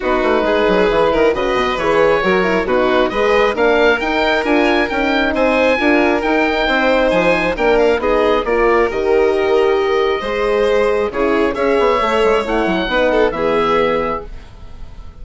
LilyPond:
<<
  \new Staff \with { instrumentName = "oboe" } { \time 4/4 \tempo 4 = 135 b'2. dis''4 | cis''2 b'4 dis''4 | f''4 g''4 gis''4 g''4 | gis''2 g''2 |
gis''4 g''8 f''8 dis''4 d''4 | dis''1~ | dis''4 cis''4 e''2 | fis''2 e''2 | }
  \new Staff \with { instrumentName = "violin" } { \time 4/4 fis'4 gis'4. ais'8 b'4~ | b'4 ais'4 fis'4 b'4 | ais'1 | c''4 ais'2 c''4~ |
c''4 ais'4 gis'4 ais'4~ | ais'2. c''4~ | c''4 gis'4 cis''2~ | cis''4 b'8 a'8 gis'2 | }
  \new Staff \with { instrumentName = "horn" } { \time 4/4 dis'2 e'4 fis'4 | gis'4 fis'8 e'8 dis'4 gis'4 | d'4 dis'4 f'4 dis'4~ | dis'4 f'4 dis'2~ |
dis'4 d'4 dis'4 f'4 | g'2. gis'4~ | gis'4 e'4 gis'4 a'4 | e'4 dis'4 b2 | }
  \new Staff \with { instrumentName = "bassoon" } { \time 4/4 b8 a8 gis8 fis8 e8 dis8 cis8 b,8 | e4 fis4 b,4 gis4 | ais4 dis'4 d'4 cis'4 | c'4 d'4 dis'4 c'4 |
f4 ais4 b4 ais4 | dis2. gis4~ | gis4 cis4 cis'8 b8 a8 gis8 | a8 fis8 b4 e2 | }
>>